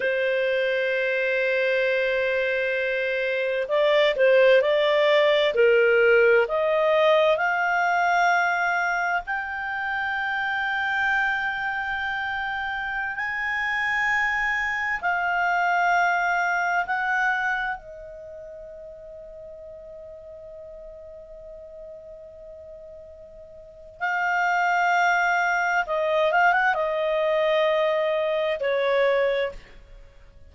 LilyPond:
\new Staff \with { instrumentName = "clarinet" } { \time 4/4 \tempo 4 = 65 c''1 | d''8 c''8 d''4 ais'4 dis''4 | f''2 g''2~ | g''2~ g''16 gis''4.~ gis''16~ |
gis''16 f''2 fis''4 dis''8.~ | dis''1~ | dis''2 f''2 | dis''8 f''16 fis''16 dis''2 cis''4 | }